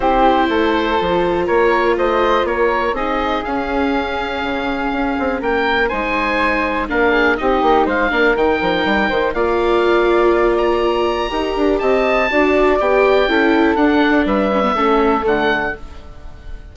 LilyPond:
<<
  \new Staff \with { instrumentName = "oboe" } { \time 4/4 \tempo 4 = 122 c''2. cis''4 | dis''4 cis''4 dis''4 f''4~ | f''2. g''4 | gis''2 f''4 dis''4 |
f''4 g''2 f''4~ | f''4. ais''2~ ais''8 | a''2 g''2 | fis''4 e''2 fis''4 | }
  \new Staff \with { instrumentName = "flute" } { \time 4/4 g'4 a'2 ais'4 | c''4 ais'4 gis'2~ | gis'2. ais'4 | c''2 ais'8 gis'8 g'4 |
c''8 ais'2 c''8 d''4~ | d''2. ais'4 | dis''4 d''2 a'4~ | a'4 b'4 a'2 | }
  \new Staff \with { instrumentName = "viola" } { \time 4/4 e'2 f'2~ | f'2 dis'4 cis'4~ | cis'1 | dis'2 d'4 dis'4~ |
dis'8 d'8 dis'2 f'4~ | f'2. g'4~ | g'4 fis'4 g'4 e'4 | d'4. cis'16 b16 cis'4 a4 | }
  \new Staff \with { instrumentName = "bassoon" } { \time 4/4 c'4 a4 f4 ais4 | a4 ais4 c'4 cis'4~ | cis'4 cis4 cis'8 c'8 ais4 | gis2 ais4 c'8 ais8 |
gis8 ais8 dis8 f8 g8 dis8 ais4~ | ais2. dis'8 d'8 | c'4 d'4 b4 cis'4 | d'4 g4 a4 d4 | }
>>